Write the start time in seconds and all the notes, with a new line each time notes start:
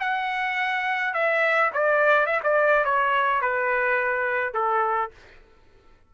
0.00 F#5
1.14 E5
1.73 D5
2.26 E5
2.43 D5
2.85 C#5
3.42 B4
4.54 A4